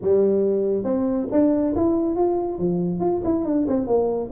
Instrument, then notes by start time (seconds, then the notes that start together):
tuba
0.01 G3
0.84 C4
1.31 D4
1.75 E4
2.15 F4
2.58 F3
3.00 F4
3.24 E4
3.45 D4
3.67 C4
3.86 A#3